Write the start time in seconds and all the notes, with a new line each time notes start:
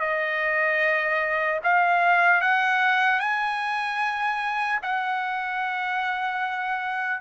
0.00 D#5
1.64 F5
2.41 F#5
3.19 G#5
4.82 F#5